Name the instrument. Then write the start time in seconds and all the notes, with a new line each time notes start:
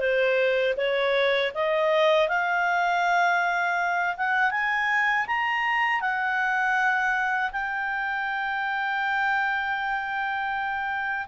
clarinet
0.00 C5
0.77 C#5
1.55 D#5
2.29 F5
4.17 F#5
4.51 G#5
5.27 A#5
6.01 F#5
7.52 G5